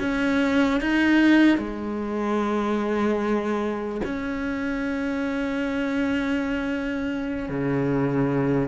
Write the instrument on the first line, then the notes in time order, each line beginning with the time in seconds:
cello
0.00 C#4
0.81 D#4
1.58 G#3
4.05 C#4
7.49 C#3